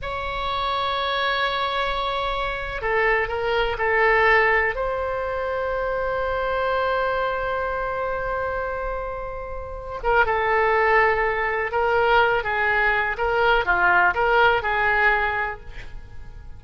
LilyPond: \new Staff \with { instrumentName = "oboe" } { \time 4/4 \tempo 4 = 123 cis''1~ | cis''4.~ cis''16 a'4 ais'4 a'16~ | a'4.~ a'16 c''2~ c''16~ | c''1~ |
c''1~ | c''8 ais'8 a'2. | ais'4. gis'4. ais'4 | f'4 ais'4 gis'2 | }